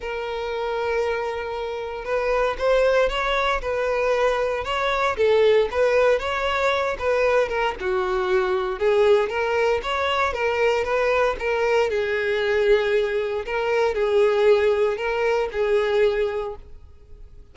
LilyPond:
\new Staff \with { instrumentName = "violin" } { \time 4/4 \tempo 4 = 116 ais'1 | b'4 c''4 cis''4 b'4~ | b'4 cis''4 a'4 b'4 | cis''4. b'4 ais'8 fis'4~ |
fis'4 gis'4 ais'4 cis''4 | ais'4 b'4 ais'4 gis'4~ | gis'2 ais'4 gis'4~ | gis'4 ais'4 gis'2 | }